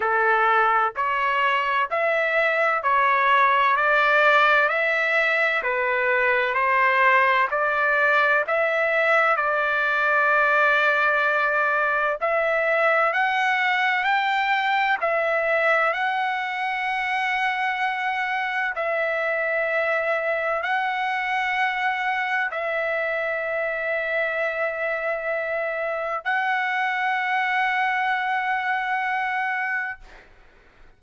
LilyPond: \new Staff \with { instrumentName = "trumpet" } { \time 4/4 \tempo 4 = 64 a'4 cis''4 e''4 cis''4 | d''4 e''4 b'4 c''4 | d''4 e''4 d''2~ | d''4 e''4 fis''4 g''4 |
e''4 fis''2. | e''2 fis''2 | e''1 | fis''1 | }